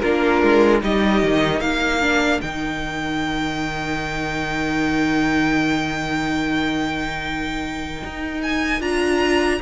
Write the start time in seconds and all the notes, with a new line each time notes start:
0.00 A#3 D4 F4 A#4
0.42 G#3
0.81 G3 D#4 G4 D#5
1.23 D#3
1.60 A#3 A#4 F5
2.02 D4
2.41 D#3 D#4 G5
8.04 D#4
8.43 G#5
8.80 D4 F4 A#5